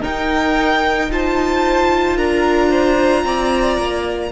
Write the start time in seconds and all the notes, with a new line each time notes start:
0.00 D#4 A#4 G5
1.10 F4 C5 A5
2.16 D4 A#4 A#5
2.69 C5
3.24 C4 D5
3.77 A#3